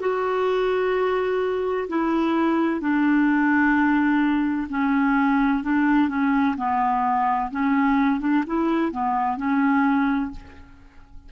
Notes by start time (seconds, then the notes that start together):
0.00 F#4
1.88 E4
2.80 D4
4.69 C#4
5.63 D4
6.09 C#4
6.57 B3
7.51 C#4
8.20 D4
8.46 E4
8.91 B3
9.37 C#4